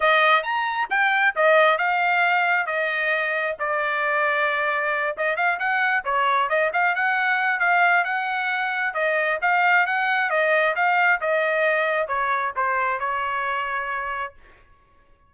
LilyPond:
\new Staff \with { instrumentName = "trumpet" } { \time 4/4 \tempo 4 = 134 dis''4 ais''4 g''4 dis''4 | f''2 dis''2 | d''2.~ d''8 dis''8 | f''8 fis''4 cis''4 dis''8 f''8 fis''8~ |
fis''4 f''4 fis''2 | dis''4 f''4 fis''4 dis''4 | f''4 dis''2 cis''4 | c''4 cis''2. | }